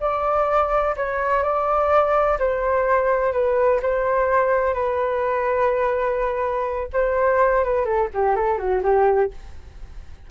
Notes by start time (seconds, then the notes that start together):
0.00 D5
0.97 C#5
1.43 D5
2.39 C5
3.33 B4
3.82 C5
4.74 B4
6.93 C5
7.64 B4
7.85 A4
8.14 G4
8.36 A4
8.58 F#4
8.83 G4